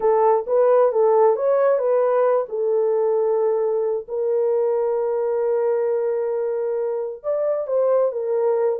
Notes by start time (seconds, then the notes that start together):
0.00 A4
0.47 B4
0.91 A4
1.36 C#5
1.78 B4
2.49 A4
4.07 A#4
7.23 D5
7.67 C5
8.12 A#4